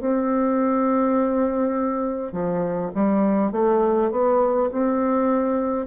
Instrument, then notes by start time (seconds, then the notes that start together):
bassoon
0.00 C4
2.32 F3
2.95 G3
3.52 A3
4.11 B3
4.72 C4